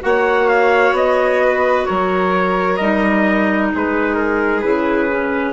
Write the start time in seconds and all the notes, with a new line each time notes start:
0.00 A#3 F#4 C#5 F#5
0.48 F5
0.92 B3 D#5
1.43 B4
1.85 F#3 A#4 C#5
2.76 G3 D#4 D#5
3.73 G#3 G#4 B4
4.14 A#4
4.61 C#3 E4 B4
5.09 C#4